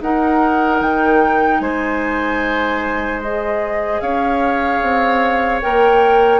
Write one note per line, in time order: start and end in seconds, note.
0.00 0.80 D#4
0.00 3.23 D#4
0.00 1.62 A#4
0.00 0.81 F#5
0.80 1.60 D#3
0.80 1.60 G5
1.60 4.00 G#3
1.60 4.02 C5
1.60 3.20 G#5
3.21 5.62 G#4
3.21 4.00 D#5
4.00 4.81 C#4
4.00 6.40 C#5
4.00 5.61 F5
4.82 5.62 C4
5.62 6.40 A#3
5.62 6.40 A#4
5.62 6.40 G5